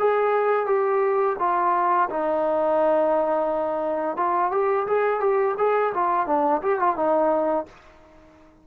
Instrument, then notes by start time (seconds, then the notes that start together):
trombone
0.00 G#4
0.67 G4
1.40 F4
2.10 D#4
4.17 F4
4.52 G4
4.87 G#4
5.20 G4
5.58 G#4
5.95 F4
6.27 D4
6.62 G4
6.80 F4
6.97 D#4